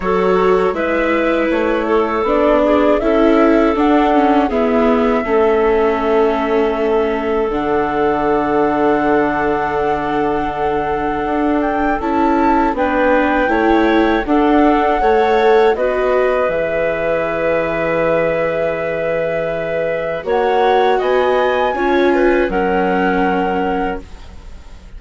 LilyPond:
<<
  \new Staff \with { instrumentName = "flute" } { \time 4/4 \tempo 4 = 80 cis''4 e''4 cis''4 d''4 | e''4 fis''4 e''2~ | e''2 fis''2~ | fis''2.~ fis''8 g''8 |
a''4 g''2 fis''4~ | fis''4 dis''4 e''2~ | e''2. fis''4 | gis''2 fis''2 | }
  \new Staff \with { instrumentName = "clarinet" } { \time 4/4 a'4 b'4. a'4 gis'8 | a'2 gis'4 a'4~ | a'1~ | a'1~ |
a'4 b'4 cis''4 a'4 | cis''4 b'2.~ | b'2. cis''4 | dis''4 cis''8 b'8 ais'2 | }
  \new Staff \with { instrumentName = "viola" } { \time 4/4 fis'4 e'2 d'4 | e'4 d'8 cis'8 b4 cis'4~ | cis'2 d'2~ | d'1 |
e'4 d'4 e'4 d'4 | a'4 fis'4 gis'2~ | gis'2. fis'4~ | fis'4 f'4 cis'2 | }
  \new Staff \with { instrumentName = "bassoon" } { \time 4/4 fis4 gis4 a4 b4 | cis'4 d'4 e'4 a4~ | a2 d2~ | d2. d'4 |
cis'4 b4 a4 d'4 | a4 b4 e2~ | e2. ais4 | b4 cis'4 fis2 | }
>>